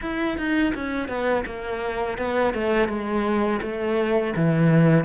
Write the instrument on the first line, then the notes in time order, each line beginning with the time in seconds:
cello
0.01 E4
0.37 D#4
0.74 C#4
1.08 B3
1.45 A#3
2.18 B3
2.54 A3
2.88 G#3
3.61 A3
4.35 E3